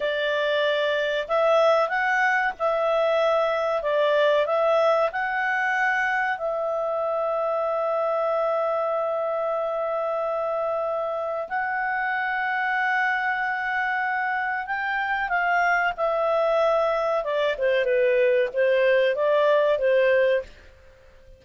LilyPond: \new Staff \with { instrumentName = "clarinet" } { \time 4/4 \tempo 4 = 94 d''2 e''4 fis''4 | e''2 d''4 e''4 | fis''2 e''2~ | e''1~ |
e''2 fis''2~ | fis''2. g''4 | f''4 e''2 d''8 c''8 | b'4 c''4 d''4 c''4 | }